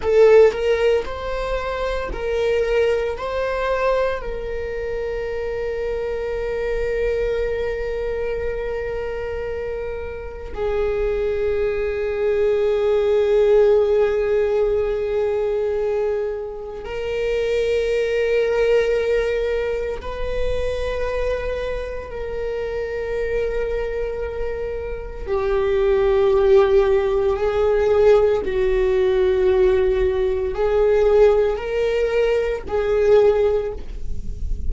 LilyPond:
\new Staff \with { instrumentName = "viola" } { \time 4/4 \tempo 4 = 57 a'8 ais'8 c''4 ais'4 c''4 | ais'1~ | ais'2 gis'2~ | gis'1 |
ais'2. b'4~ | b'4 ais'2. | g'2 gis'4 fis'4~ | fis'4 gis'4 ais'4 gis'4 | }